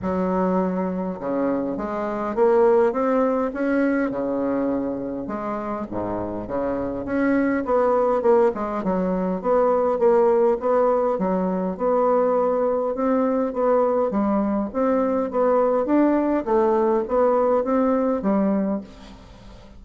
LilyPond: \new Staff \with { instrumentName = "bassoon" } { \time 4/4 \tempo 4 = 102 fis2 cis4 gis4 | ais4 c'4 cis'4 cis4~ | cis4 gis4 gis,4 cis4 | cis'4 b4 ais8 gis8 fis4 |
b4 ais4 b4 fis4 | b2 c'4 b4 | g4 c'4 b4 d'4 | a4 b4 c'4 g4 | }